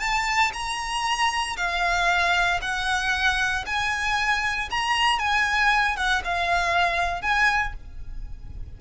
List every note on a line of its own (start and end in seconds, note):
0.00 0.52 A5
0.53 1.57 A#5
1.57 2.60 F5
2.62 3.65 F#5
3.66 4.70 G#5
4.71 5.19 A#5
5.19 5.96 G#5
5.96 6.22 F#5
6.24 7.22 F5
7.22 7.74 G#5